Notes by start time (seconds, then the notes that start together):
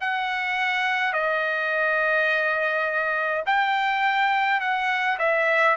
0.00 F#5
1.13 D#5
3.46 G5
4.60 F#5
5.18 E5